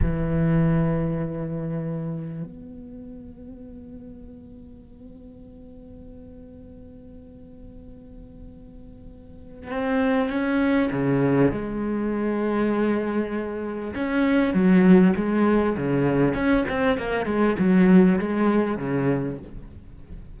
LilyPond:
\new Staff \with { instrumentName = "cello" } { \time 4/4 \tempo 4 = 99 e1 | b1~ | b1~ | b1 |
c'4 cis'4 cis4 gis4~ | gis2. cis'4 | fis4 gis4 cis4 cis'8 c'8 | ais8 gis8 fis4 gis4 cis4 | }